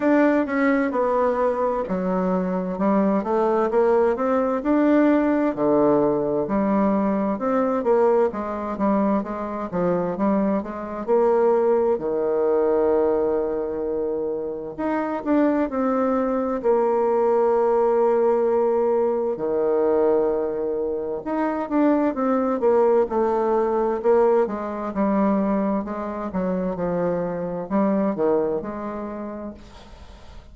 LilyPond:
\new Staff \with { instrumentName = "bassoon" } { \time 4/4 \tempo 4 = 65 d'8 cis'8 b4 fis4 g8 a8 | ais8 c'8 d'4 d4 g4 | c'8 ais8 gis8 g8 gis8 f8 g8 gis8 | ais4 dis2. |
dis'8 d'8 c'4 ais2~ | ais4 dis2 dis'8 d'8 | c'8 ais8 a4 ais8 gis8 g4 | gis8 fis8 f4 g8 dis8 gis4 | }